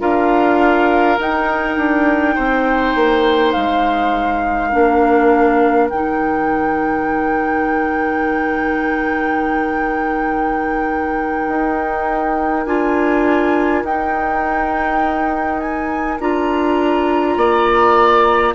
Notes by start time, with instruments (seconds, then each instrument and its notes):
0.00 bassoon D4, clarinet F4, oboe A#4, flute F5
1.19 bassoon D#4, clarinet D#4, flute G5
1.77 bassoon D4
2.36 bassoon C4, oboe C5
2.96 bassoon A#3
3.52 bassoon G#3, flute F5
4.68 bassoon A#3, clarinet D4, oboe A#4
5.90 bassoon D#3, clarinet D#4, flute G5
11.48 bassoon D#4
12.66 bassoon D4, clarinet F4, flute G#5
13.83 bassoon D#4, clarinet D#4, flute G5
15.60 flute G#5
16.20 bassoon D4, clarinet F4, flute A#5
17.37 bassoon A#3, oboe D5